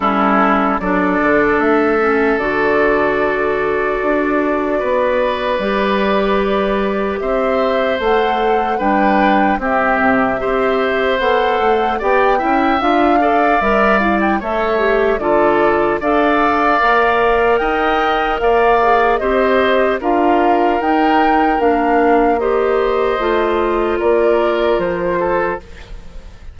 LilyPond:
<<
  \new Staff \with { instrumentName = "flute" } { \time 4/4 \tempo 4 = 75 a'4 d''4 e''4 d''4~ | d''1~ | d''4 e''4 fis''4 g''4 | e''2 fis''4 g''4 |
f''4 e''8 f''16 g''16 e''4 d''4 | f''2 g''4 f''4 | dis''4 f''4 g''4 f''4 | dis''2 d''4 c''4 | }
  \new Staff \with { instrumentName = "oboe" } { \time 4/4 e'4 a'2.~ | a'2 b'2~ | b'4 c''2 b'4 | g'4 c''2 d''8 e''8~ |
e''8 d''4. cis''4 a'4 | d''2 dis''4 d''4 | c''4 ais'2. | c''2 ais'4. a'8 | }
  \new Staff \with { instrumentName = "clarinet" } { \time 4/4 cis'4 d'4. cis'8 fis'4~ | fis'2. g'4~ | g'2 a'4 d'4 | c'4 g'4 a'4 g'8 e'8 |
f'8 a'8 ais'8 e'8 a'8 g'8 f'4 | a'4 ais'2~ ais'8 gis'8 | g'4 f'4 dis'4 d'4 | g'4 f'2. | }
  \new Staff \with { instrumentName = "bassoon" } { \time 4/4 g4 fis8 d8 a4 d4~ | d4 d'4 b4 g4~ | g4 c'4 a4 g4 | c'8 c8 c'4 b8 a8 b8 cis'8 |
d'4 g4 a4 d4 | d'4 ais4 dis'4 ais4 | c'4 d'4 dis'4 ais4~ | ais4 a4 ais4 f4 | }
>>